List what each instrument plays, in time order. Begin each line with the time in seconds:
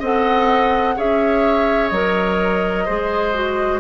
0.00 bassoon C4, clarinet A4, oboe D#5, flute F#5
0.97 bassoon C#4, clarinet G#4, oboe C#5, flute E5
1.88 bassoon F#3, clarinet A#4, flute D#5
2.85 bassoon G#3, clarinet G#4, oboe C5
3.34 clarinet F#4